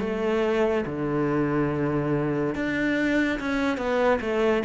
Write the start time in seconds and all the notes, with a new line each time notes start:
0.00 A3
0.86 D3
2.55 D4
3.40 C#4
3.77 B3
4.21 A3